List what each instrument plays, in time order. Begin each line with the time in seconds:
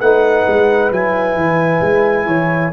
0.00 tuba A3, trombone D#4, horn B4, trumpet F#5
0.47 tuba G#3
0.91 tuba F#3, trombone E4, trumpet G#5
1.35 tuba E3
1.81 tuba G#3
2.26 tuba E3, horn C#5